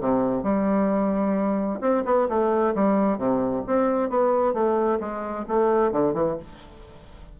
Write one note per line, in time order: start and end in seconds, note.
0.00 0.43 C3
0.43 1.79 G3
1.81 2.04 C4
2.05 2.28 B3
2.29 2.74 A3
2.75 3.18 G3
3.18 3.63 C3
3.67 4.10 C4
4.10 4.53 B3
4.53 4.99 A3
5.00 5.45 G#3
5.48 5.92 A3
5.92 6.13 D3
6.13 6.36 E3